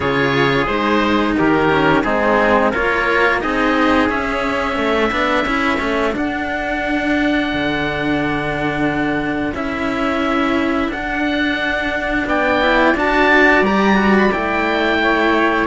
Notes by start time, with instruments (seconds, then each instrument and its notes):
0.00 cello C#3 F4, trumpet G#4, oboe C#5
0.66 cello G#3 D#4, oboe C5
1.37 cello D#3, trumpet G4, oboe A#4
1.69 cello C#4
2.02 cello G#3 C4, trumpet D#4, oboe G#4
2.70 cello A#3 F4, trumpet A#4, oboe C#5
3.40 cello C4 D#4, trumpet G#4, oboe D#5
4.09 cello C#4, oboe E5
4.76 cello A3, trumpet A4
5.11 cello B3 D4
5.44 cello C#4 E4
5.77 cello A3 C#4
6.12 cello D4, oboe F#5
7.52 cello D3
9.53 cello C#4 E4, oboe E5
10.88 cello D4, oboe F#5
12.26 cello B3, trumpet D5, oboe G5
12.61 cello E4
12.95 cello D4 F#4, oboe A5
13.61 cello G3 G4, oboe A#5
13.95 cello F#4
14.17 oboe B5
14.32 cello A3 E4, oboe G5
15.03 trumpet C#5